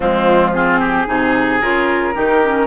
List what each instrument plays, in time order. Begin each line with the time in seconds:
0.00 bassoon F3, clarinet G#3, oboe C4, flute F4
0.54 clarinet C4, oboe F4, flute G#4
0.79 oboe G4
1.06 bassoon C3, clarinet D#4, oboe G#4
1.61 bassoon C#3, clarinet F4, flute A#4
2.14 bassoon D#3, clarinet D#4, oboe G4
2.43 clarinet C#4